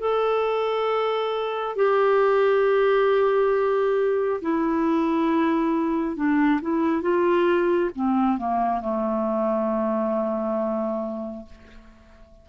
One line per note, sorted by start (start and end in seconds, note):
0.00 1.76 A4
1.76 4.41 G4
4.42 6.16 E4
6.16 6.61 D4
6.62 7.02 E4
7.02 7.91 F4
7.96 8.38 C4
8.38 8.82 A#3
8.82 11.46 A3